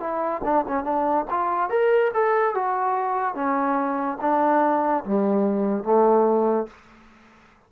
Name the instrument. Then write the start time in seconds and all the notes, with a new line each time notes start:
trombone
0.00 E4
0.45 D4
0.68 C#4
0.84 D4
1.31 F4
1.70 A#4
2.14 A4
2.55 F#4
3.35 C#4
4.21 D4
5.05 G3
5.84 A3